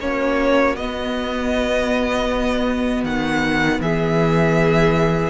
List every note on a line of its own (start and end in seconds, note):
0.00 0.76 A#3
0.00 0.77 C#4
0.00 3.82 F#4
0.00 0.76 C#5
0.76 3.04 B3
0.76 5.30 B3
0.76 3.04 D#5
3.04 3.80 D#3
3.04 3.81 F#5
3.80 5.30 E3
3.80 5.30 G#4
3.80 5.30 E5